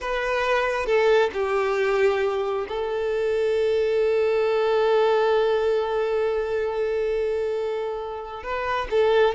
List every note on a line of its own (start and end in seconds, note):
0.00 0.86 B4
0.86 1.30 A4
1.33 2.66 G4
2.68 8.43 A4
8.43 8.87 B4
8.90 9.35 A4